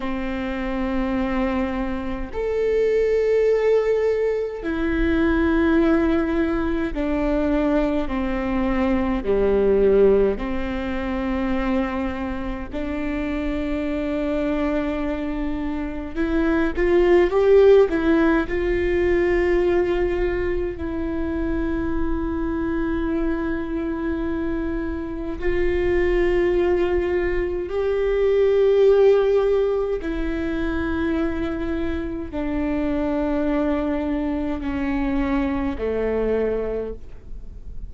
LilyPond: \new Staff \with { instrumentName = "viola" } { \time 4/4 \tempo 4 = 52 c'2 a'2 | e'2 d'4 c'4 | g4 c'2 d'4~ | d'2 e'8 f'8 g'8 e'8 |
f'2 e'2~ | e'2 f'2 | g'2 e'2 | d'2 cis'4 a4 | }